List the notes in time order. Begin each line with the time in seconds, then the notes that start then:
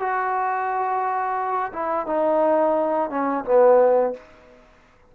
0.00 F#4
1.73 E4
2.07 D#4
3.10 C#4
3.45 B3